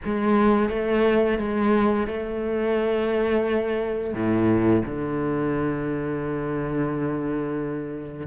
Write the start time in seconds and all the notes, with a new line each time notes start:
0.04 G#3
0.69 A3
1.38 G#3
2.07 A3
4.13 A2
4.85 D3